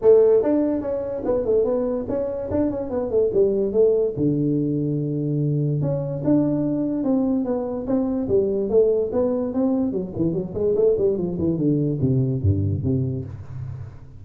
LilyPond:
\new Staff \with { instrumentName = "tuba" } { \time 4/4 \tempo 4 = 145 a4 d'4 cis'4 b8 a8 | b4 cis'4 d'8 cis'8 b8 a8 | g4 a4 d2~ | d2 cis'4 d'4~ |
d'4 c'4 b4 c'4 | g4 a4 b4 c'4 | fis8 e8 fis8 gis8 a8 g8 f8 e8 | d4 c4 g,4 c4 | }